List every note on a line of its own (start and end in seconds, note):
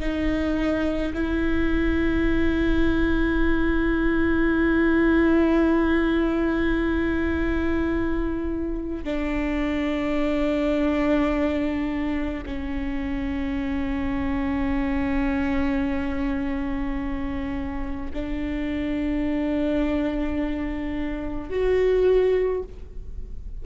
0.00 1.13 D#4
1.14 9.05 E4
9.05 12.44 D4
12.46 18.12 C#4
18.14 21.50 D4
21.50 22.63 F#4